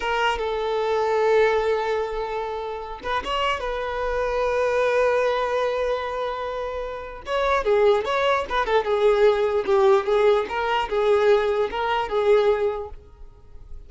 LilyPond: \new Staff \with { instrumentName = "violin" } { \time 4/4 \tempo 4 = 149 ais'4 a'2.~ | a'2.~ a'8 b'8 | cis''4 b'2.~ | b'1~ |
b'2 cis''4 gis'4 | cis''4 b'8 a'8 gis'2 | g'4 gis'4 ais'4 gis'4~ | gis'4 ais'4 gis'2 | }